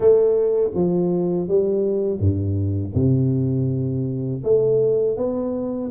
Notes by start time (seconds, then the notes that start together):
0.00 A3
0.74 F3
1.47 G3
2.19 G2
2.94 C3
4.43 A3
5.16 B3